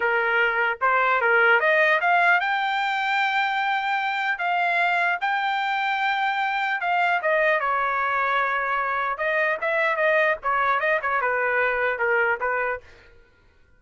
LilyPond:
\new Staff \with { instrumentName = "trumpet" } { \time 4/4 \tempo 4 = 150 ais'2 c''4 ais'4 | dis''4 f''4 g''2~ | g''2. f''4~ | f''4 g''2.~ |
g''4 f''4 dis''4 cis''4~ | cis''2. dis''4 | e''4 dis''4 cis''4 dis''8 cis''8 | b'2 ais'4 b'4 | }